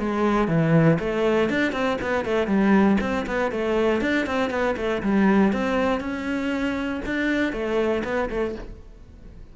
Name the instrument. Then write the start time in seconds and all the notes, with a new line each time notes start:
cello
0.00 G#3
0.48 E3
1.00 A3
1.50 D4
1.73 C4
2.02 B3
2.26 A3
2.48 G3
3.01 C4
3.27 B3
3.52 A3
4.02 D4
4.27 C4
4.51 B3
4.77 A3
5.03 G3
5.53 C4
6.01 C#4
7.06 D4
7.53 A3
8.05 B3
8.30 A3